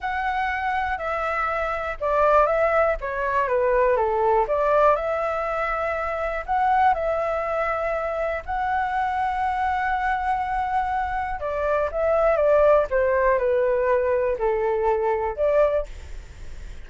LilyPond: \new Staff \with { instrumentName = "flute" } { \time 4/4 \tempo 4 = 121 fis''2 e''2 | d''4 e''4 cis''4 b'4 | a'4 d''4 e''2~ | e''4 fis''4 e''2~ |
e''4 fis''2.~ | fis''2. d''4 | e''4 d''4 c''4 b'4~ | b'4 a'2 d''4 | }